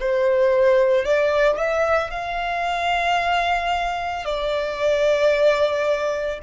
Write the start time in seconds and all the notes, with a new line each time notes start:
0.00 C5
1.05 D5
1.57 E5
2.10 F5
4.25 D5